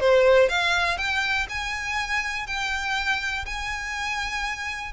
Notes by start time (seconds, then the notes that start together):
0.00 C5
0.49 F5
0.98 G5
1.49 G#5
2.47 G5
3.45 G#5